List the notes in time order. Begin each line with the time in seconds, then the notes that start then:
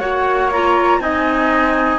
0.00 A#3 F#4 C#5 F#5
0.53 F4 A#5
1.00 C4 D#4 D#5 G#5